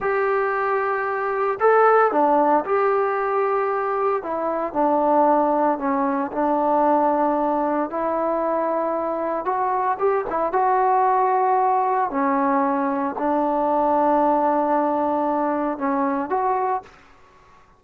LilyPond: \new Staff \with { instrumentName = "trombone" } { \time 4/4 \tempo 4 = 114 g'2. a'4 | d'4 g'2. | e'4 d'2 cis'4 | d'2. e'4~ |
e'2 fis'4 g'8 e'8 | fis'2. cis'4~ | cis'4 d'2.~ | d'2 cis'4 fis'4 | }